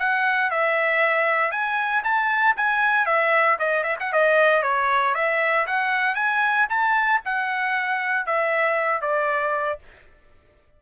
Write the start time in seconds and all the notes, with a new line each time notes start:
0.00 F#5
0.51 E5
1.52 G#5
2.04 A5
2.57 G#5
3.06 E5
3.59 D#5
3.84 E5
4.00 F#5
4.13 D#5
4.63 C#5
5.15 E5
5.67 F#5
6.16 G#5
6.70 A5
7.26 F#5
8.27 E5
9.02 D5